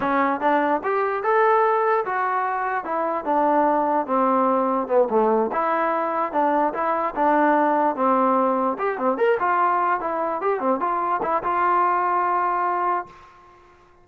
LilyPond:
\new Staff \with { instrumentName = "trombone" } { \time 4/4 \tempo 4 = 147 cis'4 d'4 g'4 a'4~ | a'4 fis'2 e'4 | d'2 c'2 | b8 a4 e'2 d'8~ |
d'8 e'4 d'2 c'8~ | c'4. g'8 c'8 ais'8 f'4~ | f'8 e'4 g'8 c'8 f'4 e'8 | f'1 | }